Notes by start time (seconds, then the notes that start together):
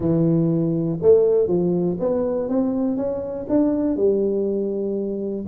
0.00 E3
1.02 A3
1.47 F3
1.99 B3
2.48 C4
2.96 C#4
3.49 D4
3.96 G3